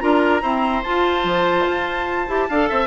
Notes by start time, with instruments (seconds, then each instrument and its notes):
0.00 bassoon D4, clarinet F4, oboe A#4, flute A#5
0.42 clarinet C4, bassoon E4, oboe C5
0.83 clarinet F4, bassoon F4, flute A5
1.24 bassoon F3
1.66 bassoon F4
2.28 bassoon E4, clarinet G4
2.49 bassoon D4, clarinet A4, oboe F5
2.69 bassoon C4, oboe E5